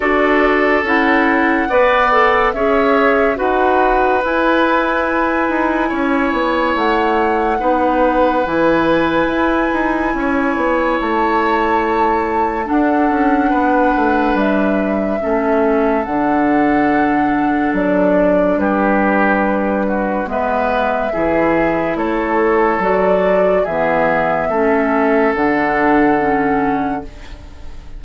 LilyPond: <<
  \new Staff \with { instrumentName = "flute" } { \time 4/4 \tempo 4 = 71 d''4 fis''2 e''4 | fis''4 gis''2. | fis''2 gis''2~ | gis''4 a''2 fis''4~ |
fis''4 e''2 fis''4~ | fis''4 d''4 b'2 | e''2 cis''4 d''4 | e''2 fis''2 | }
  \new Staff \with { instrumentName = "oboe" } { \time 4/4 a'2 d''4 cis''4 | b'2. cis''4~ | cis''4 b'2. | cis''2. a'4 |
b'2 a'2~ | a'2 g'4. fis'8 | b'4 gis'4 a'2 | gis'4 a'2. | }
  \new Staff \with { instrumentName = "clarinet" } { \time 4/4 fis'4 e'4 b'8 a'8 gis'4 | fis'4 e'2.~ | e'4 dis'4 e'2~ | e'2. d'4~ |
d'2 cis'4 d'4~ | d'1 | b4 e'2 fis'4 | b4 cis'4 d'4 cis'4 | }
  \new Staff \with { instrumentName = "bassoon" } { \time 4/4 d'4 cis'4 b4 cis'4 | dis'4 e'4. dis'8 cis'8 b8 | a4 b4 e4 e'8 dis'8 | cis'8 b8 a2 d'8 cis'8 |
b8 a8 g4 a4 d4~ | d4 fis4 g2 | gis4 e4 a4 fis4 | e4 a4 d2 | }
>>